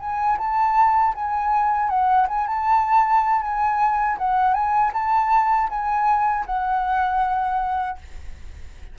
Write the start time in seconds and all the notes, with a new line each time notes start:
0.00 G#5
0.38 A5
1.15 G#5
1.90 F#5
2.28 G#5
2.47 A5
3.42 G#5
4.18 F#5
4.54 G#5
4.94 A5
5.70 G#5
6.46 F#5